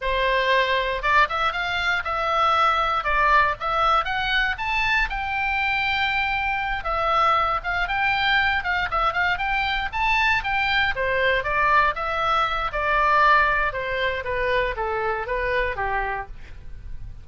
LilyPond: \new Staff \with { instrumentName = "oboe" } { \time 4/4 \tempo 4 = 118 c''2 d''8 e''8 f''4 | e''2 d''4 e''4 | fis''4 a''4 g''2~ | g''4. e''4. f''8 g''8~ |
g''4 f''8 e''8 f''8 g''4 a''8~ | a''8 g''4 c''4 d''4 e''8~ | e''4 d''2 c''4 | b'4 a'4 b'4 g'4 | }